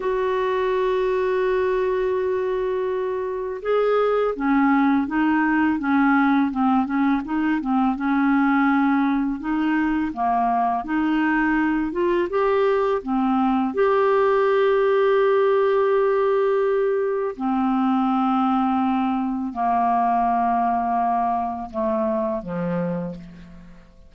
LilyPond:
\new Staff \with { instrumentName = "clarinet" } { \time 4/4 \tempo 4 = 83 fis'1~ | fis'4 gis'4 cis'4 dis'4 | cis'4 c'8 cis'8 dis'8 c'8 cis'4~ | cis'4 dis'4 ais4 dis'4~ |
dis'8 f'8 g'4 c'4 g'4~ | g'1 | c'2. ais4~ | ais2 a4 f4 | }